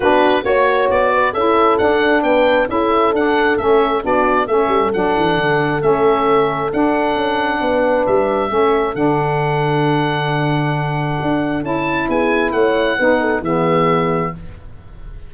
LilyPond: <<
  \new Staff \with { instrumentName = "oboe" } { \time 4/4 \tempo 4 = 134 b'4 cis''4 d''4 e''4 | fis''4 g''4 e''4 fis''4 | e''4 d''4 e''4 fis''4~ | fis''4 e''2 fis''4~ |
fis''2 e''2 | fis''1~ | fis''2 a''4 gis''4 | fis''2 e''2 | }
  \new Staff \with { instrumentName = "horn" } { \time 4/4 fis'4 cis''4. b'8 a'4~ | a'4 b'4 a'2~ | a'4 fis'4 a'2~ | a'1~ |
a'4 b'2 a'4~ | a'1~ | a'2. gis'4 | cis''4 b'8 a'8 gis'2 | }
  \new Staff \with { instrumentName = "saxophone" } { \time 4/4 d'4 fis'2 e'4 | d'2 e'4 d'4 | cis'4 d'4 cis'4 d'4~ | d'4 cis'2 d'4~ |
d'2. cis'4 | d'1~ | d'2 e'2~ | e'4 dis'4 b2 | }
  \new Staff \with { instrumentName = "tuba" } { \time 4/4 b4 ais4 b4 cis'4 | d'4 b4 cis'4 d'4 | a4 b4 a8 g8 fis8 e8 | d4 a2 d'4 |
cis'4 b4 g4 a4 | d1~ | d4 d'4 cis'4 b4 | a4 b4 e2 | }
>>